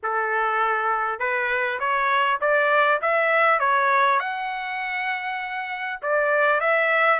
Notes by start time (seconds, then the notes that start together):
0.02 A4
1.19 B4
1.79 C#5
2.40 D5
3.01 E5
3.59 C#5
4.19 F#5
6.02 D5
6.60 E5